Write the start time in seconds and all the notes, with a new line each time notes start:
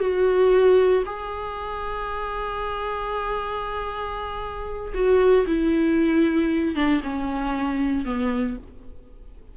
0.00 F#4
1.06 G#4
4.94 F#4
5.47 E4
6.75 D4
7.03 C#4
8.05 B3